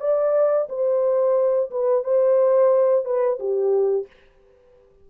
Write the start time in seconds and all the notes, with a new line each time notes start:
0.00 D5
0.69 C5
1.70 B4
2.03 C5
3.05 B4
3.39 G4